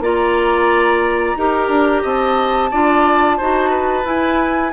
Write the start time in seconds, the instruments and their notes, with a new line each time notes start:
0.00 bassoon A#3, clarinet F4, oboe D5, flute A#5
1.36 bassoon D#4, clarinet G4, oboe A#4
1.69 bassoon D4
2.03 bassoon C4, oboe D#5, flute A5
2.71 bassoon D4, clarinet F4, oboe D5
3.37 bassoon D#4, clarinet F#4, oboe C5
3.70 oboe B4
4.04 clarinet E4, bassoon E4, flute G#5